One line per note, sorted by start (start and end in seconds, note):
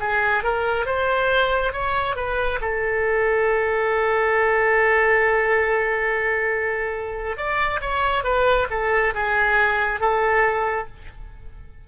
0.00 0.43 G#4
0.43 0.86 A#4
0.86 1.73 C5
1.73 2.16 C#5
2.16 2.60 B4
2.61 7.37 A4
7.37 7.81 D5
7.81 8.24 C#5
8.24 8.68 B4
8.70 9.14 A4
9.15 10.00 G#4
10.00 10.87 A4